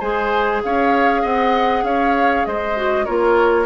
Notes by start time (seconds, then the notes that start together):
0.00 G#3 G#4 C5 G#5
0.64 C#4 C#5 F5
1.22 C4 D#5 F#5
1.83 C#4 C#5 F5
2.45 G#3 C5 D#5
2.76 F#4
3.05 A#3 F4 A#4 C#5